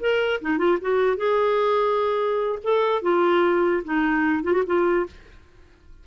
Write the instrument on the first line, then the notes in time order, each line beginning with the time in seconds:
clarinet
0.00 A#4
0.41 D#4
0.58 F4
0.81 F#4
1.17 G#4
2.64 A4
3.02 F4
3.84 D#4
4.44 F4
4.53 F#4
4.66 F4